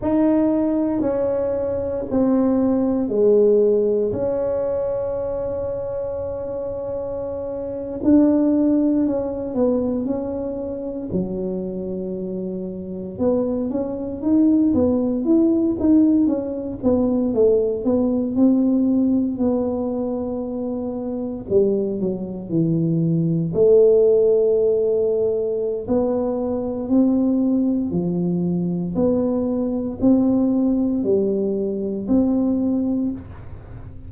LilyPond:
\new Staff \with { instrumentName = "tuba" } { \time 4/4 \tempo 4 = 58 dis'4 cis'4 c'4 gis4 | cis'2.~ cis'8. d'16~ | d'8. cis'8 b8 cis'4 fis4~ fis16~ | fis8. b8 cis'8 dis'8 b8 e'8 dis'8 cis'16~ |
cis'16 b8 a8 b8 c'4 b4~ b16~ | b8. g8 fis8 e4 a4~ a16~ | a4 b4 c'4 f4 | b4 c'4 g4 c'4 | }